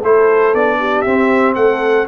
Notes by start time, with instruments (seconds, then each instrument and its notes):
0.00 tuba A3, trombone E4, horn A4, trumpet C5
0.54 tuba B3, trombone D4, trumpet D5
0.80 horn G4
1.02 tuba C4, trombone C4, trumpet E5
1.56 tuba A3, horn A4, trumpet F#5